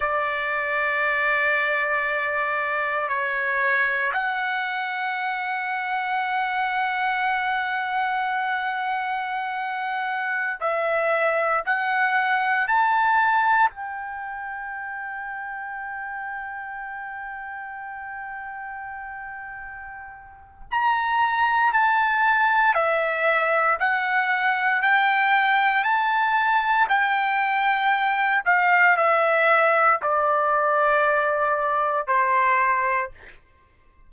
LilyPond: \new Staff \with { instrumentName = "trumpet" } { \time 4/4 \tempo 4 = 58 d''2. cis''4 | fis''1~ | fis''2~ fis''16 e''4 fis''8.~ | fis''16 a''4 g''2~ g''8.~ |
g''1 | ais''4 a''4 e''4 fis''4 | g''4 a''4 g''4. f''8 | e''4 d''2 c''4 | }